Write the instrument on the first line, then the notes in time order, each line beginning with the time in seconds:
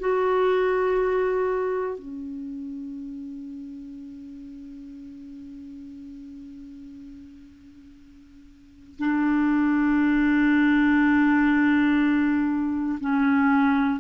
clarinet
0.00 F#4
1.99 C#4
8.99 D4
13.00 C#4